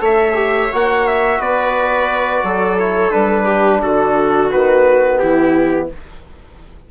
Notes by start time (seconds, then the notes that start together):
0.00 A3 A4 C#5 E5
0.34 G4
0.72 A#3 F#4 F#5
1.07 E5
1.39 B3 B4 D5
2.43 F#3 A4
2.79 E4 C#5
3.11 G3 D4 B4
3.45 G4
3.82 D3 F#4 A4
4.51 D#3 B3 B4
5.18 E3 E4 G4